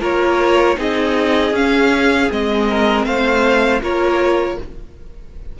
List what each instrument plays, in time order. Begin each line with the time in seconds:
0.00 cello A#3, viola F4, violin A#4 C#5
0.76 cello C4, viola D#4, violin G#4 D#5
1.51 cello C#4, viola C#4, violin F5
2.30 cello G#3, viola C4, violin D#5
2.69 violin A#4
3.04 cello A3, violin C5 F5
3.81 cello A#3, viola F4, violin A#4 C#5